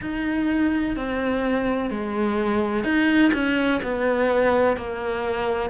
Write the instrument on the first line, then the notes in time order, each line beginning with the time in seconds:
cello
0.01 D#4
0.96 C4
1.90 G#3
2.84 D#4
3.33 C#4
3.83 B3
4.77 A#3